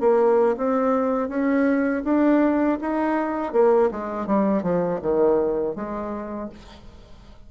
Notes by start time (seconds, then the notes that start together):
0.00 A#3
0.57 C4
1.29 C#4
2.04 D4
2.81 D#4
3.53 A#3
3.91 G#3
4.27 G3
4.63 F3
5.02 D#3
5.75 G#3